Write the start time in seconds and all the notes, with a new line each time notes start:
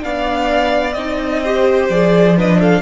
0.00 B3 D4 D5 F5
0.93 C4 D#4 D#5
1.43 G4 C5
1.89 F3 G#4 D5
2.36 D4 B4 D#5
2.61 A4 F5